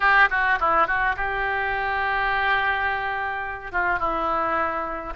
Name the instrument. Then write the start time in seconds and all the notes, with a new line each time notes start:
oboe
0.00 G4
0.30 F#4
0.59 E4
0.87 F#4
1.16 G4
3.72 F4
3.99 E4